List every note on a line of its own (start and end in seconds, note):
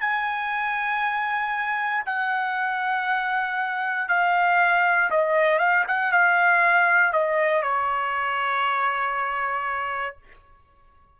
0.00 2.03 G#5
2.05 4.08 F#5
4.08 5.10 F5
5.10 5.58 D#5
5.58 5.84 F5
5.87 6.12 F#5
6.12 7.12 F5
7.12 7.62 D#5
7.62 10.16 C#5